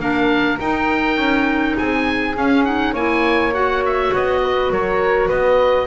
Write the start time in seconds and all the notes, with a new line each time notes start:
0.00 A#3 D4 A#4 F5
0.60 D#4 G5
1.17 C#4
1.78 C4 G#4 G#5
2.36 C#4 F5
2.65 D#4 F#5
2.93 A#3 E4 C#5 G#5
3.53 F#4 F#5
3.86 E5
4.13 B3 D#5
4.43 B4
4.71 F#3 A#4 C#5
5.28 B3 B4 D#5